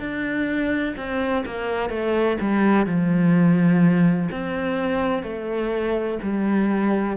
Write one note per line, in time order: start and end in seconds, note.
0.00 0.95 D4
0.97 1.45 C4
1.46 1.90 A#3
1.90 2.37 A3
2.41 2.86 G3
2.86 4.29 F3
4.32 5.23 C4
5.23 6.19 A3
6.23 7.17 G3